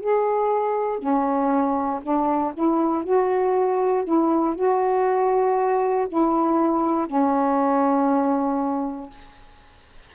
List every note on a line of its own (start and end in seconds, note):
0.00 0.99 G#4
0.99 2.01 C#4
2.02 2.53 D4
2.54 3.04 E4
3.04 4.04 F#4
4.04 4.55 E4
4.55 6.08 F#4
6.09 7.07 E4
7.07 9.10 C#4